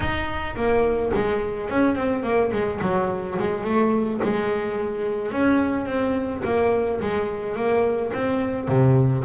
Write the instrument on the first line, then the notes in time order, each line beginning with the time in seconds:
double bass
0.00 D#4
0.56 A#3
1.14 G#3
1.69 C#4
1.95 C4
2.23 A#3
2.52 G#3
2.81 F#3
3.38 G#3
3.64 A3
4.23 G#3
5.31 C#4
5.85 C4
6.44 A#3
7.00 G#3
7.56 A#3
8.13 C4
8.68 C3